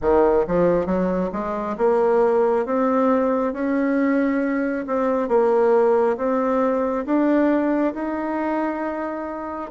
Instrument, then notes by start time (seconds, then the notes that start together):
bassoon
0.01 D#3
0.47 F3
0.86 F#3
1.32 G#3
1.77 A#3
2.65 C4
3.53 C#4
4.86 C4
5.28 A#3
6.17 C4
7.05 D4
7.94 D#4